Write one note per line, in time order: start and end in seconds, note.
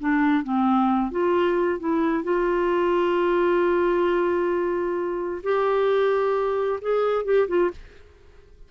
0.00 0.44 D4
0.44 1.12 C4
1.12 1.80 F4
1.80 2.24 E4
2.24 5.42 F4
5.43 6.80 G4
6.81 7.25 G#4
7.25 7.48 G4
7.48 7.71 F4